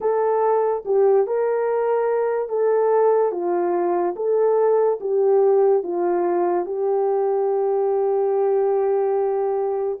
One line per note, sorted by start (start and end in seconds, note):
0.00 0.84 A4
0.85 1.27 G4
1.27 2.48 A#4
2.48 3.31 A4
3.31 4.14 F4
4.16 4.99 A4
5.00 5.83 G4
5.83 6.65 F4
6.65 9.98 G4